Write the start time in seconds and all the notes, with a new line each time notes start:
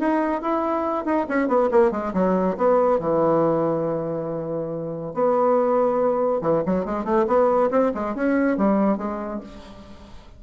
0.00 D#4
0.42 E4
1.06 D#4
1.29 C#4
1.48 B3
1.72 A#3
1.92 G#3
2.14 F#3
2.58 B3
3.00 E3
5.14 B3
6.42 E3
6.66 F#3
6.86 G#3
7.05 A3
7.28 B3
7.71 C4
7.95 G#3
8.15 C#4
8.58 G3
8.98 G#3